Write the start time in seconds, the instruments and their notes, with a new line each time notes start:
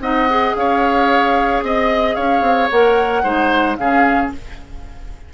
0.00 bassoon C4, clarinet D#4, oboe D#5, flute F#5
0.29 clarinet G#4
0.55 bassoon C#4, oboe C#5, flute F5
1.62 bassoon C4, oboe D#5, flute D#5
2.15 bassoon C#4, oboe C#5, flute F5
2.41 bassoon C4
2.70 bassoon A#3, clarinet A#4, flute F#5
3.23 bassoon G#3, clarinet D#4, oboe C5
3.76 bassoon C#3, clarinet C#4, oboe G#4, flute F5